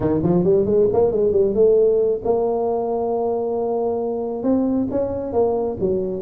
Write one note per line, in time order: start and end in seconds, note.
0.00 0.21 D#3
0.22 0.44 F3
0.44 0.65 G3
0.65 0.87 G#3
0.92 1.11 A#3
1.11 1.32 G#3
1.32 1.54 G3
1.54 2.21 A3
2.24 4.43 A#3
4.43 4.87 C4
4.91 5.32 C#4
5.32 5.77 A#3
5.79 6.21 F#3